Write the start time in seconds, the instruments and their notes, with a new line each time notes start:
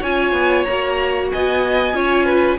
0.00 cello C#4, viola F4, violin C#5 G#5
0.33 cello B3
0.65 cello A#3, viola F#4, violin A#5
1.32 cello B3, violin D#5 G#5
1.93 cello C#4, viola F4, violin C#5
2.26 violin B4